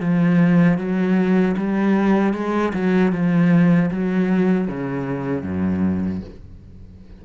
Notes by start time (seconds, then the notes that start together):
0.00 F3
0.78 F#3
1.57 G3
2.33 G#3
2.73 F#3
3.12 F3
3.91 F#3
4.68 C#3
5.43 F#2